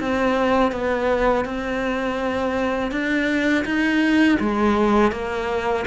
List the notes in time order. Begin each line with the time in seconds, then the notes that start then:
0.00 C4
0.72 B3
1.45 C4
2.92 D4
3.66 D#4
4.40 G#3
5.12 A#3